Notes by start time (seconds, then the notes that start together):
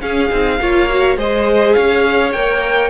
0.00 C#4 G#4 F5
0.29 C4 D#4
0.61 A#3 F4 C#5
0.90 F#4
1.17 G#3 G#4 C5 D#5
1.74 C#4 C#5 F5
2.33 A#3 A#4 G5